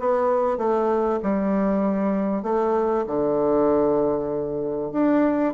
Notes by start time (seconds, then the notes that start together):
0.00 B3
0.58 A3
1.23 G3
2.43 A3
3.07 D3
4.93 D4